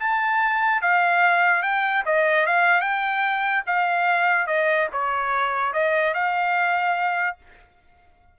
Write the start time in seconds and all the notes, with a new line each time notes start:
0.00 A5
0.82 F5
1.63 G5
2.06 D#5
2.47 F5
2.81 G5
3.67 F5
4.47 D#5
4.93 C#5
5.73 D#5
6.15 F5